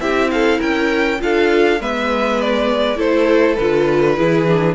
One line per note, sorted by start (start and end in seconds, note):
0.00 0.60 C4
0.00 1.19 E4
0.00 0.31 G4
0.00 0.30 E5
0.31 0.59 A4
0.31 0.60 F5
0.59 1.21 C#4
0.59 1.18 A#4
0.59 1.21 G5
1.19 1.80 D4
1.19 1.79 F4
1.19 1.81 A4
1.19 1.82 F5
1.80 2.98 G#3
1.80 2.96 B3
1.80 2.97 B4
1.80 2.41 E5
2.41 2.99 D5
2.96 3.57 A3
2.96 3.55 E4
2.96 4.16 A4
2.96 3.55 C5
3.55 4.19 D3
3.55 4.17 F4
3.55 4.74 B4
4.16 4.75 E3
4.16 4.47 E4
4.16 4.75 G#4
4.47 4.75 D4